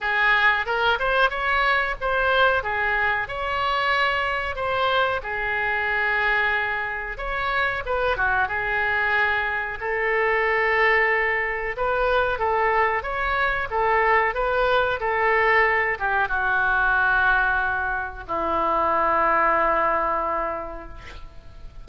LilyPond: \new Staff \with { instrumentName = "oboe" } { \time 4/4 \tempo 4 = 92 gis'4 ais'8 c''8 cis''4 c''4 | gis'4 cis''2 c''4 | gis'2. cis''4 | b'8 fis'8 gis'2 a'4~ |
a'2 b'4 a'4 | cis''4 a'4 b'4 a'4~ | a'8 g'8 fis'2. | e'1 | }